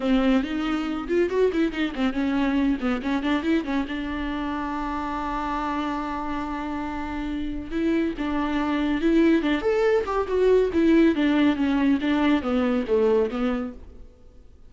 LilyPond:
\new Staff \with { instrumentName = "viola" } { \time 4/4 \tempo 4 = 140 c'4 dis'4. f'8 fis'8 e'8 | dis'8 c'8 cis'4. b8 cis'8 d'8 | e'8 cis'8 d'2.~ | d'1~ |
d'2 e'4 d'4~ | d'4 e'4 d'8 a'4 g'8 | fis'4 e'4 d'4 cis'4 | d'4 b4 a4 b4 | }